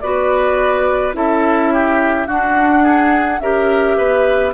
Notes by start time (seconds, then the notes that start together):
0.00 B3 F#4 B4 D5
1.13 C#4 E4 A4 E5
1.73 G4
2.27 D4 F#4 F#5
2.83 G#4
3.40 C#4 G4 A#4 E5
3.97 B3 B4